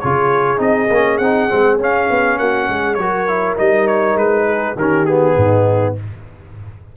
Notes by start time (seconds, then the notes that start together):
0.00 C#3 F4 G#4 C#5
0.58 C4 D#4 D#5
0.90 A#3 C#4
1.18 C4 D#4 F#5
1.50 G#3 C4
1.78 C#4 F5
2.11 B3
2.39 A#3 F#4 F#5
2.69 G#3 G#4
2.95 F#3 F#4 A#4 C#5
3.28 E4
3.58 G3 D#4 D#5
3.88 C#5
4.15 G#3 B4
4.47 G#4
4.76 D#3 C#4 G4 A#4
5.06 B3 G#4
5.35 G#2 D#4